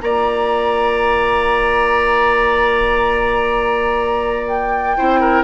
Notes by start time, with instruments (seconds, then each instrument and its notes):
0.00 bassoon A#3, clarinet F4, oboe D5, flute A#5
4.48 flute G5
4.97 bassoon C4, clarinet E4, oboe C5
5.20 oboe A#4